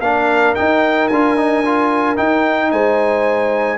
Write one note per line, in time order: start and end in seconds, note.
0.00 0.54 A#3
0.00 0.57 D4
0.00 2.72 A#4
0.00 0.55 F5
0.55 1.11 D#4
0.55 1.10 D#4
0.55 1.08 G5
1.08 2.19 D4
1.08 1.37 F4
1.08 2.16 G#5
1.37 1.64 D#4
1.66 2.17 F4
2.17 3.78 D#4
2.17 2.72 D#4
2.17 2.71 G5
2.72 3.78 G#3
2.72 3.78 C5
2.72 3.78 G#5